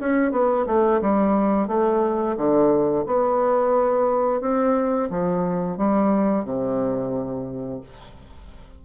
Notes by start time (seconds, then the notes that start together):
0.00 C#4
0.32 B3
0.67 A3
1.01 G3
1.68 A3
2.37 D3
3.07 B3
4.41 C4
5.10 F3
5.78 G3
6.45 C3